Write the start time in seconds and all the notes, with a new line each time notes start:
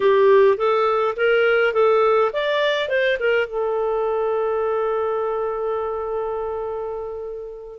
0.00 G4
0.57 A4
1.16 A#4
1.73 A4
2.32 D5
2.88 C5
3.19 A#4
3.46 A4